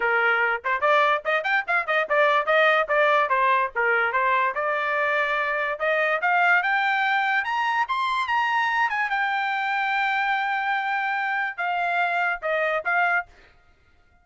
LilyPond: \new Staff \with { instrumentName = "trumpet" } { \time 4/4 \tempo 4 = 145 ais'4. c''8 d''4 dis''8 g''8 | f''8 dis''8 d''4 dis''4 d''4 | c''4 ais'4 c''4 d''4~ | d''2 dis''4 f''4 |
g''2 ais''4 c'''4 | ais''4. gis''8 g''2~ | g''1 | f''2 dis''4 f''4 | }